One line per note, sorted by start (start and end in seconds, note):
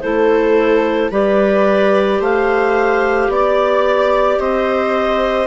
0.00 1.10 A3
0.00 1.10 E4
0.00 1.11 A4
0.00 1.09 C5
1.10 2.20 G3
1.10 5.47 G4
1.10 2.19 B4
1.10 2.22 D5
2.19 3.28 A3
2.19 3.28 C5
2.19 3.31 F5
3.28 4.37 B3
3.28 4.40 D5
4.38 5.47 C4
4.38 5.47 C5
4.38 5.47 D#5